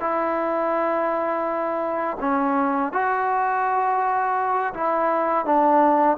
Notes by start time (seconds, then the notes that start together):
0.00 E4
2.20 C#4
2.92 F#4
4.73 E4
5.45 D4